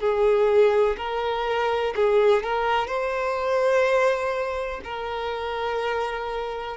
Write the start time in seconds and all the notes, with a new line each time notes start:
0.00 G#4
0.97 A#4
1.96 G#4
2.43 A#4
2.87 C5
4.84 A#4